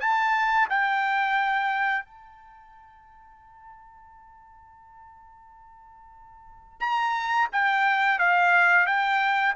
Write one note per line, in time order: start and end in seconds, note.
0.00 0.68 A5
0.69 2.05 G5
2.05 6.80 A5
6.80 7.48 A#5
7.52 8.19 G5
8.19 8.86 F5
8.86 9.55 G5